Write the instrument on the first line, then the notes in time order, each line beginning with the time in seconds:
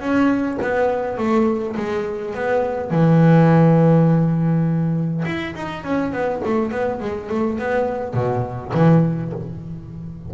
double bass
0.00 C#4
0.62 B3
1.17 A3
1.76 G#3
2.34 B3
2.90 E3
5.26 E4
5.56 D#4
5.84 C#4
6.12 B3
6.45 A3
6.71 B3
7.00 G#3
7.29 A3
7.58 B3
8.14 B2
8.74 E3